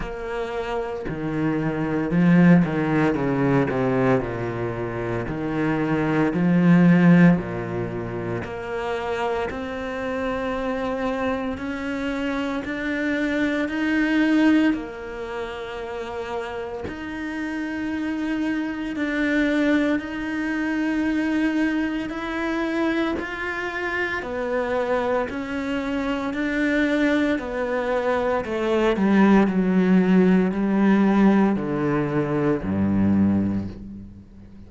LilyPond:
\new Staff \with { instrumentName = "cello" } { \time 4/4 \tempo 4 = 57 ais4 dis4 f8 dis8 cis8 c8 | ais,4 dis4 f4 ais,4 | ais4 c'2 cis'4 | d'4 dis'4 ais2 |
dis'2 d'4 dis'4~ | dis'4 e'4 f'4 b4 | cis'4 d'4 b4 a8 g8 | fis4 g4 d4 g,4 | }